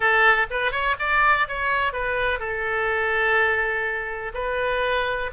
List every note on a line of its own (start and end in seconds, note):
0.00 0.46 A4
0.50 0.71 B4
0.71 0.95 C#5
0.99 1.47 D5
1.48 1.92 C#5
1.92 2.39 B4
2.39 4.32 A4
4.34 5.30 B4